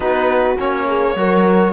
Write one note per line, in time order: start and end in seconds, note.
0.00 0.57 B3
0.00 0.55 D#4
0.00 0.86 F#4
0.00 0.57 B4
0.58 1.15 A#3
0.58 1.16 C#4
0.58 1.72 C#5
0.87 1.16 G#4
1.15 1.72 F#3
1.15 1.72 F#4
1.15 1.72 A#4